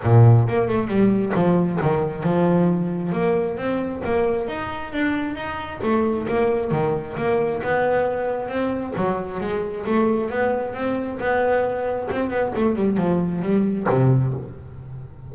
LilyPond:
\new Staff \with { instrumentName = "double bass" } { \time 4/4 \tempo 4 = 134 ais,4 ais8 a8 g4 f4 | dis4 f2 ais4 | c'4 ais4 dis'4 d'4 | dis'4 a4 ais4 dis4 |
ais4 b2 c'4 | fis4 gis4 a4 b4 | c'4 b2 c'8 b8 | a8 g8 f4 g4 c4 | }